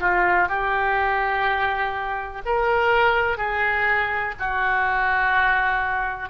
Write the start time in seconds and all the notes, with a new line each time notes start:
0.00 F4
0.48 G4
2.45 A#4
3.37 G#4
4.39 F#4